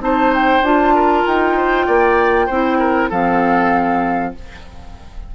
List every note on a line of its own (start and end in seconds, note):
0.00 0.62 C4
0.00 0.62 D#4
0.00 0.95 C5
0.00 0.34 A5
0.34 0.65 G5
0.62 1.24 D4
0.62 2.50 F4
0.62 1.26 A5
0.95 1.57 A#4
1.26 1.87 D#4
1.26 3.11 G5
1.57 1.86 C5
1.86 2.49 A#3
1.86 2.47 D5
2.47 3.11 C4
2.47 3.12 E4
2.47 2.78 C5
2.79 3.10 A#4
3.10 4.35 F3
3.10 4.35 C4
3.10 4.34 A4
3.10 4.35 F5